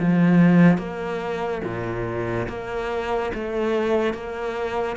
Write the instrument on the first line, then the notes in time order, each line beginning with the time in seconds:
cello
0.00 F3
0.78 A#3
1.64 A#2
2.49 A#3
3.34 A3
4.14 A#3